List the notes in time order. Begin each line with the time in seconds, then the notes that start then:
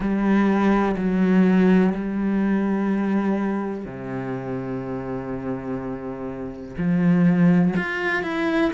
0.00 G3
0.97 F#3
1.94 G3
3.84 C3
6.77 F3
7.76 F4
8.23 E4